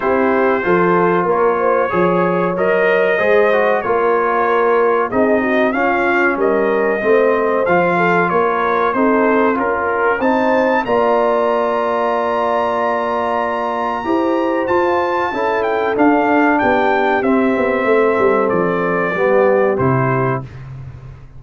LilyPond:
<<
  \new Staff \with { instrumentName = "trumpet" } { \time 4/4 \tempo 4 = 94 c''2 cis''2 | dis''2 cis''2 | dis''4 f''4 dis''2 | f''4 cis''4 c''4 ais'4 |
a''4 ais''2.~ | ais''2. a''4~ | a''8 g''8 f''4 g''4 e''4~ | e''4 d''2 c''4 | }
  \new Staff \with { instrumentName = "horn" } { \time 4/4 g'4 a'4 ais'8 c''8 cis''4~ | cis''4 c''4 ais'2 | gis'8 fis'8 f'4 ais'4 c''4~ | c''8 a'8 ais'4 a'4 ais'4 |
c''4 d''2.~ | d''2 c''2 | a'2 g'2 | a'2 g'2 | }
  \new Staff \with { instrumentName = "trombone" } { \time 4/4 e'4 f'2 gis'4 | ais'4 gis'8 fis'8 f'2 | dis'4 cis'2 c'4 | f'2 dis'4 f'4 |
dis'4 f'2.~ | f'2 g'4 f'4 | e'4 d'2 c'4~ | c'2 b4 e'4 | }
  \new Staff \with { instrumentName = "tuba" } { \time 4/4 c'4 f4 ais4 f4 | fis4 gis4 ais2 | c'4 cis'4 g4 a4 | f4 ais4 c'4 cis'4 |
c'4 ais2.~ | ais2 e'4 f'4 | cis'4 d'4 b4 c'8 b8 | a8 g8 f4 g4 c4 | }
>>